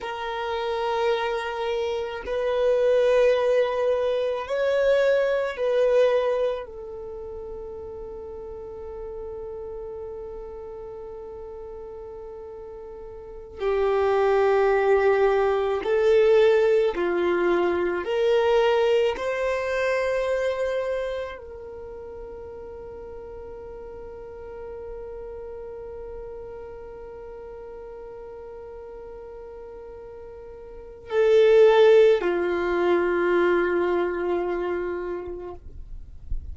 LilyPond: \new Staff \with { instrumentName = "violin" } { \time 4/4 \tempo 4 = 54 ais'2 b'2 | cis''4 b'4 a'2~ | a'1~ | a'16 g'2 a'4 f'8.~ |
f'16 ais'4 c''2 ais'8.~ | ais'1~ | ais'1 | a'4 f'2. | }